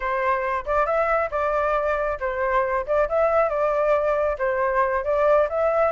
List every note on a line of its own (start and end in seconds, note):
0.00 0.64 C5
0.65 0.85 D5
0.85 1.29 E5
1.30 2.18 D5
2.19 2.85 C5
2.86 3.08 D5
3.09 3.49 E5
3.49 4.37 D5
4.38 5.04 C5
5.04 5.47 D5
5.49 5.91 E5